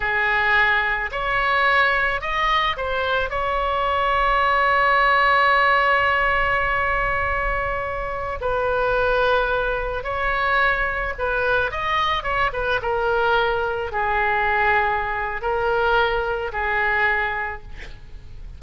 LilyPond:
\new Staff \with { instrumentName = "oboe" } { \time 4/4 \tempo 4 = 109 gis'2 cis''2 | dis''4 c''4 cis''2~ | cis''1~ | cis''2.~ cis''16 b'8.~ |
b'2~ b'16 cis''4.~ cis''16~ | cis''16 b'4 dis''4 cis''8 b'8 ais'8.~ | ais'4~ ais'16 gis'2~ gis'8. | ais'2 gis'2 | }